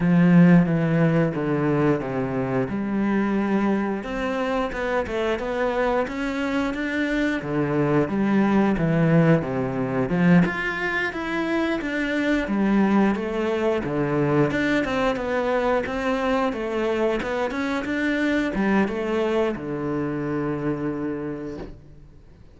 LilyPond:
\new Staff \with { instrumentName = "cello" } { \time 4/4 \tempo 4 = 89 f4 e4 d4 c4 | g2 c'4 b8 a8 | b4 cis'4 d'4 d4 | g4 e4 c4 f8 f'8~ |
f'8 e'4 d'4 g4 a8~ | a8 d4 d'8 c'8 b4 c'8~ | c'8 a4 b8 cis'8 d'4 g8 | a4 d2. | }